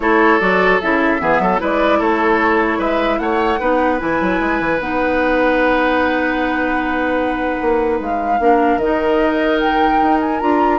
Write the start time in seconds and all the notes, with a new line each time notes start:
0.00 A3 E4 A4 C#5
0.39 F#3 F#4 D5
0.80 C#3 E4 E5
1.19 E3 B3 G#4
1.39 F#3 A4
1.58 G#3 E4 B4 D5
1.98 A3 A4 C#5
2.78 G#3 B4 E5
3.18 A3 C#5 F#5
3.59 B3 D#4 B4
3.99 E3 E4 G#5
4.21 F#3
4.40 G#3
4.60 E3
4.79 B3 D#4 F#5
7.61 A#3
8.00 G#3 F5
8.39 A#3 D4 A#4
8.77 D#3 D#4 D#5
9.59 G5
10.02 D#4
10.20 G#5
10.40 D4 F4 A#5